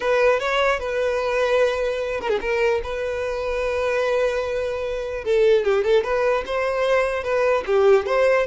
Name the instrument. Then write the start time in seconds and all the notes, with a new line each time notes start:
violin
0.00 B4
0.39 C#5
0.79 B4
2.20 A#4
2.29 G#4
2.40 A#4
2.83 B4
5.24 A4
5.64 G4
5.84 A4
6.03 B4
6.46 C5
7.23 B4
7.66 G4
8.06 C5